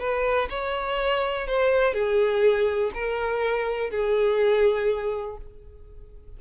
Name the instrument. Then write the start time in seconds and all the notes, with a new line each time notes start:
violin
0.00 B4
0.50 C#5
1.47 C5
1.94 G#4
2.94 A#4
3.91 G#4